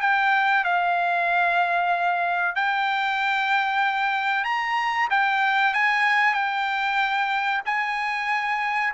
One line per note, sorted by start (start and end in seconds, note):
0.00 0.64 G5
0.64 2.55 F5
2.55 4.44 G5
4.44 5.08 A#5
5.10 5.74 G5
5.74 6.33 G#5
6.33 7.61 G5
7.65 8.93 G#5